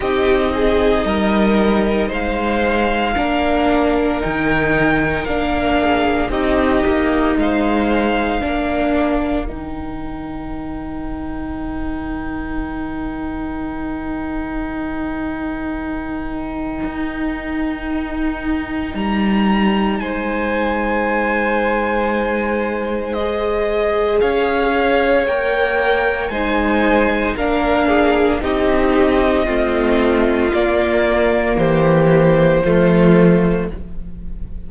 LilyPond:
<<
  \new Staff \with { instrumentName = "violin" } { \time 4/4 \tempo 4 = 57 dis''2 f''2 | g''4 f''4 dis''4 f''4~ | f''4 g''2.~ | g''1~ |
g''2 ais''4 gis''4~ | gis''2 dis''4 f''4 | g''4 gis''4 f''4 dis''4~ | dis''4 d''4 c''2 | }
  \new Staff \with { instrumentName = "violin" } { \time 4/4 g'8 gis'8 ais'4 c''4 ais'4~ | ais'4. gis'8 g'4 c''4 | ais'1~ | ais'1~ |
ais'2. c''4~ | c''2. cis''4~ | cis''4 c''4 ais'8 gis'8 g'4 | f'2 g'4 f'4 | }
  \new Staff \with { instrumentName = "viola" } { \time 4/4 dis'2. d'4 | dis'4 d'4 dis'2 | d'4 dis'2.~ | dis'1~ |
dis'1~ | dis'2 gis'2 | ais'4 dis'4 d'4 dis'4 | c'4 ais2 a4 | }
  \new Staff \with { instrumentName = "cello" } { \time 4/4 c'4 g4 gis4 ais4 | dis4 ais4 c'8 ais8 gis4 | ais4 dis2.~ | dis1 |
dis'2 g4 gis4~ | gis2. cis'4 | ais4 gis4 ais4 c'4 | a4 ais4 e4 f4 | }
>>